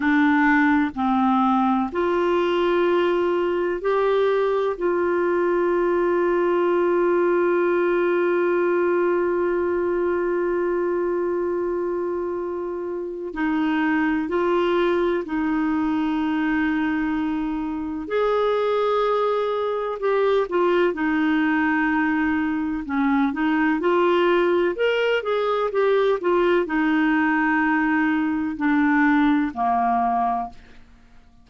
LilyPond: \new Staff \with { instrumentName = "clarinet" } { \time 4/4 \tempo 4 = 63 d'4 c'4 f'2 | g'4 f'2.~ | f'1~ | f'2 dis'4 f'4 |
dis'2. gis'4~ | gis'4 g'8 f'8 dis'2 | cis'8 dis'8 f'4 ais'8 gis'8 g'8 f'8 | dis'2 d'4 ais4 | }